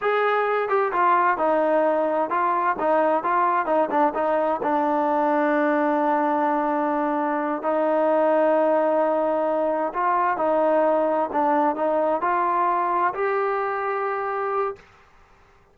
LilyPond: \new Staff \with { instrumentName = "trombone" } { \time 4/4 \tempo 4 = 130 gis'4. g'8 f'4 dis'4~ | dis'4 f'4 dis'4 f'4 | dis'8 d'8 dis'4 d'2~ | d'1~ |
d'8 dis'2.~ dis'8~ | dis'4. f'4 dis'4.~ | dis'8 d'4 dis'4 f'4.~ | f'8 g'2.~ g'8 | }